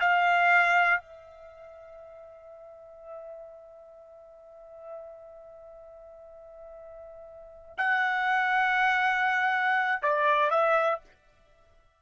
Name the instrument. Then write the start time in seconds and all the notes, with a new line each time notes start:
trumpet
0.00 F5
1.00 E5
7.77 F#5
10.02 D5
10.50 E5